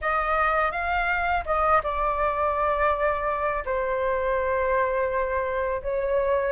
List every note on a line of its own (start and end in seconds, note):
0.01 0.71 D#5
0.71 1.44 F5
1.45 1.81 D#5
1.83 3.63 D5
3.65 5.82 C5
5.82 6.52 C#5